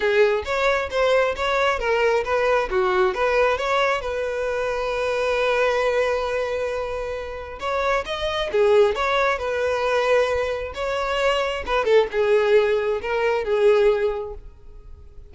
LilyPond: \new Staff \with { instrumentName = "violin" } { \time 4/4 \tempo 4 = 134 gis'4 cis''4 c''4 cis''4 | ais'4 b'4 fis'4 b'4 | cis''4 b'2.~ | b'1~ |
b'4 cis''4 dis''4 gis'4 | cis''4 b'2. | cis''2 b'8 a'8 gis'4~ | gis'4 ais'4 gis'2 | }